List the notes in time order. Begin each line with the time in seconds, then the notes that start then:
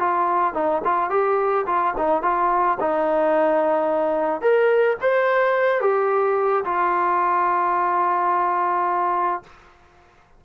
0.00 F4
0.54 D#4
0.85 F4
1.11 G4
1.67 F4
1.98 D#4
2.23 F4
2.81 D#4
4.42 A#4
5.02 C5
5.81 G4
6.65 F4